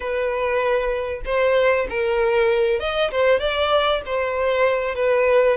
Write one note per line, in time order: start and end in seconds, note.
0.00 1.21 B4
1.25 1.87 C5
1.89 2.79 A#4
2.79 3.10 D#5
3.11 3.39 C5
3.39 4.01 D5
4.05 4.95 C5
4.95 5.57 B4